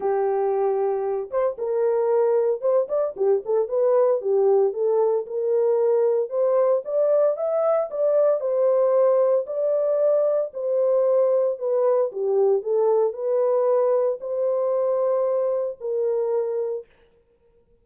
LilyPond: \new Staff \with { instrumentName = "horn" } { \time 4/4 \tempo 4 = 114 g'2~ g'8 c''8 ais'4~ | ais'4 c''8 d''8 g'8 a'8 b'4 | g'4 a'4 ais'2 | c''4 d''4 e''4 d''4 |
c''2 d''2 | c''2 b'4 g'4 | a'4 b'2 c''4~ | c''2 ais'2 | }